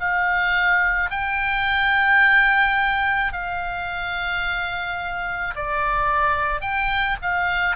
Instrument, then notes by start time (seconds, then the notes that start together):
oboe
0.00 F5
1.11 G5
3.33 F5
5.56 D5
6.62 G5
7.22 F5